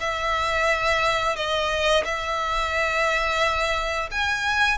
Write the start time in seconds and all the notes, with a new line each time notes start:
0.00 E5
1.36 D#5
2.05 E5
4.11 G#5